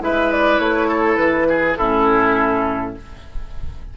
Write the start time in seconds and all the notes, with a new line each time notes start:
0.00 G#3 E4 B4 E5
0.32 D5
0.59 A3 C#5
0.88 A4
1.16 E3 B4
1.49 G#4
1.77 A2 C#4 E4 A4